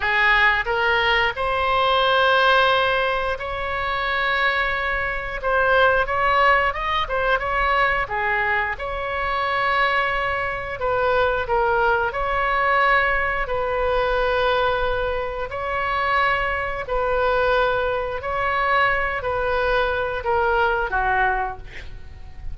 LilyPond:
\new Staff \with { instrumentName = "oboe" } { \time 4/4 \tempo 4 = 89 gis'4 ais'4 c''2~ | c''4 cis''2. | c''4 cis''4 dis''8 c''8 cis''4 | gis'4 cis''2. |
b'4 ais'4 cis''2 | b'2. cis''4~ | cis''4 b'2 cis''4~ | cis''8 b'4. ais'4 fis'4 | }